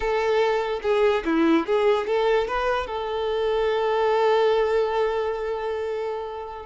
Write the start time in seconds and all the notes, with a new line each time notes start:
0.00 A4
0.82 G#4
1.25 E4
1.66 G#4
2.06 A4
2.47 B4
2.86 A4